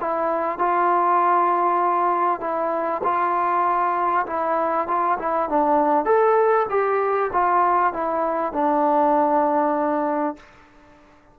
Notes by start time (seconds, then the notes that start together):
0.00 E4
0.58 F4
2.40 E4
3.03 F4
4.26 E4
4.88 F4
5.19 E4
5.49 D4
6.05 A4
6.70 G4
7.32 F4
7.93 E4
8.52 D4